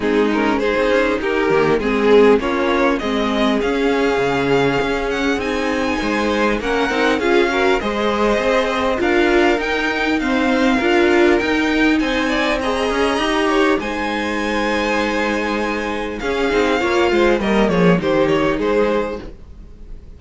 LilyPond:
<<
  \new Staff \with { instrumentName = "violin" } { \time 4/4 \tempo 4 = 100 gis'8 ais'8 c''4 ais'4 gis'4 | cis''4 dis''4 f''2~ | f''8 fis''8 gis''2 fis''4 | f''4 dis''2 f''4 |
g''4 f''2 g''4 | gis''4 ais''2 gis''4~ | gis''2. f''4~ | f''4 dis''8 cis''8 c''8 cis''8 c''4 | }
  \new Staff \with { instrumentName = "violin" } { \time 4/4 dis'4 gis'4 g'4 gis'4 | f'4 gis'2.~ | gis'2 c''4 ais'4 | gis'8 ais'8 c''2 ais'4~ |
ais'4 c''4 ais'2 | c''8 d''8 dis''4. cis''8 c''4~ | c''2. gis'4 | cis''8 c''8 ais'8 gis'8 g'4 gis'4 | }
  \new Staff \with { instrumentName = "viola" } { \time 4/4 c'8 cis'8 dis'4. ais8 c'4 | cis'4 c'4 cis'2~ | cis'4 dis'2 cis'8 dis'8 | f'8 fis'8 gis'2 f'4 |
dis'4 c'4 f'4 dis'4~ | dis'4 gis'4 g'4 dis'4~ | dis'2. cis'8 dis'8 | f'4 ais4 dis'2 | }
  \new Staff \with { instrumentName = "cello" } { \time 4/4 gis4~ gis16 c'16 cis'8 dis'8 dis8 gis4 | ais4 gis4 cis'4 cis4 | cis'4 c'4 gis4 ais8 c'8 | cis'4 gis4 c'4 d'4 |
dis'2 d'4 dis'4 | c'4. cis'8 dis'4 gis4~ | gis2. cis'8 c'8 | ais8 gis8 g8 f8 dis4 gis4 | }
>>